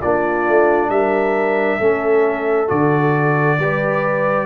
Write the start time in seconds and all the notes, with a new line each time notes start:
0.00 A#3 D4 F4 D5
0.48 A3
0.89 G3 A#4 E5
1.79 A3 C#4 A4
2.67 D3 F#4 D5
3.59 G3 G4 B4